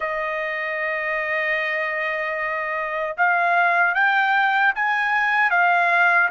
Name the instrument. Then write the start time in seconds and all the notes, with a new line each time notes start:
trumpet
0.00 D#5
3.17 F5
3.94 G5
4.75 G#5
5.50 F5